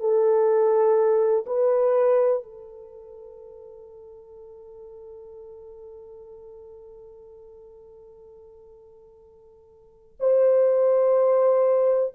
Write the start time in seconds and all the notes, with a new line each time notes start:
0.00 A4
1.46 B4
2.43 A4
10.20 C5